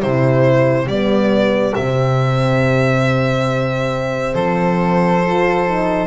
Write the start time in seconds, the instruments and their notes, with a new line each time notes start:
0.00 double bass C3, horn E4, flute G4, violin C5
0.86 double bass G3, horn B3, violin D5
1.74 double bass C3, horn C4, violin E5
4.34 double bass F3, flute A4, violin C5
5.24 horn F4
5.67 horn D#4